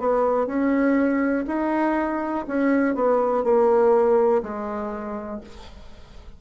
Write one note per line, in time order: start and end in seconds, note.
0.00 0.47 B3
0.47 1.45 C#4
1.47 2.45 D#4
2.48 2.96 C#4
2.96 3.44 B3
3.44 4.42 A#3
4.43 5.41 G#3